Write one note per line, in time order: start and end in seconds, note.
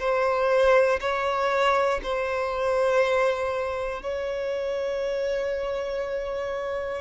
0.00 1.00 C5
1.00 2.00 C#5
2.03 4.03 C5
4.03 7.01 C#5